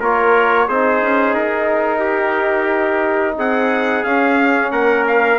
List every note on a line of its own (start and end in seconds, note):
0.00 0.68 A#3
0.00 0.70 F4
0.00 0.67 A#4
0.00 0.68 C#5
0.68 1.02 C4
0.68 4.06 D#4
0.68 1.99 G#4
0.68 1.35 C5
1.02 1.35 C#4
1.35 3.37 D#4
1.35 3.37 A#4
1.99 3.34 G4
3.37 4.04 C4
3.37 4.72 G#4
3.37 4.04 F#5
4.04 4.71 C#4
4.04 5.39 C#4
4.04 4.71 F5
4.71 5.39 A#3
4.71 5.39 A#4
4.71 5.05 F#5
5.08 5.39 F5